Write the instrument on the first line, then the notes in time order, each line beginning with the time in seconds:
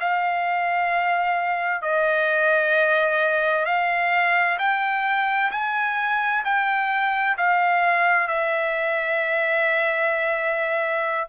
trumpet
0.00 F5
1.82 D#5
3.65 F5
4.59 G5
5.51 G#5
6.44 G5
7.37 F5
8.27 E5